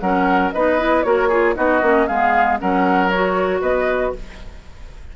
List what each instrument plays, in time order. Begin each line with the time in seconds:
0.00 bassoon F#3, clarinet C#4, oboe A#4, flute F#5
0.52 bassoon B3, clarinet D#4, oboe B4, flute D#5
0.79 clarinet E4
1.03 bassoon A#3, clarinet F#4, oboe A#4, flute C#5
1.29 clarinet F4, oboe G#4
1.55 bassoon B3, clarinet D#4, oboe F#4, flute D#5
1.82 bassoon A#3, clarinet C#4
2.07 bassoon G#3, clarinet B3, oboe G#4, flute F5
2.59 bassoon F#3, clarinet C#4, oboe A#4, flute F#5
3.10 clarinet F#4, flute C#5
3.61 bassoon B3, oboe B4, flute D#5